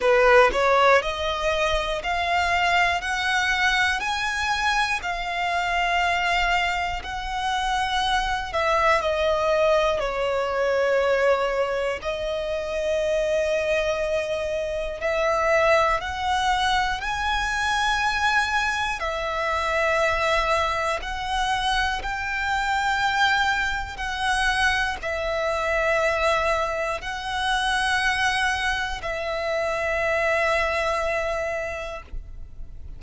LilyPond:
\new Staff \with { instrumentName = "violin" } { \time 4/4 \tempo 4 = 60 b'8 cis''8 dis''4 f''4 fis''4 | gis''4 f''2 fis''4~ | fis''8 e''8 dis''4 cis''2 | dis''2. e''4 |
fis''4 gis''2 e''4~ | e''4 fis''4 g''2 | fis''4 e''2 fis''4~ | fis''4 e''2. | }